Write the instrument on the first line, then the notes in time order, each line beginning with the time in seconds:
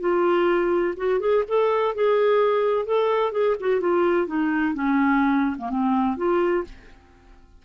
clarinet
0.00 F4
0.97 F#4
1.20 G#4
1.48 A4
1.95 G#4
2.86 A4
3.32 G#4
3.60 F#4
3.81 F4
4.27 D#4
4.74 C#4
5.58 A#3
5.70 C4
6.17 F4